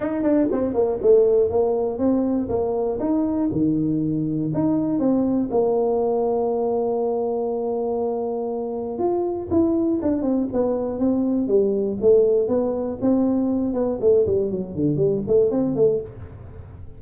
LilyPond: \new Staff \with { instrumentName = "tuba" } { \time 4/4 \tempo 4 = 120 dis'8 d'8 c'8 ais8 a4 ais4 | c'4 ais4 dis'4 dis4~ | dis4 dis'4 c'4 ais4~ | ais1~ |
ais2 f'4 e'4 | d'8 c'8 b4 c'4 g4 | a4 b4 c'4. b8 | a8 g8 fis8 d8 g8 a8 c'8 a8 | }